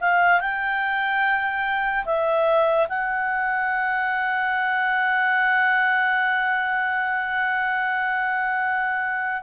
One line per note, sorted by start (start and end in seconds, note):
0.00 0.40 F5
0.40 2.04 G5
2.05 2.87 E5
2.88 9.43 F#5